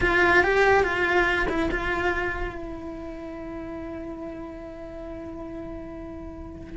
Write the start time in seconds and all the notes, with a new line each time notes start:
0.01 F4
0.43 G4
0.83 F4
1.48 E4
1.71 F4
2.55 E4